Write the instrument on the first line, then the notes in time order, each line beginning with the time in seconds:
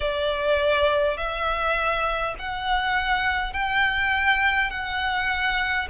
violin
0.00 D5
1.17 E5
2.39 F#5
3.53 G5
4.70 F#5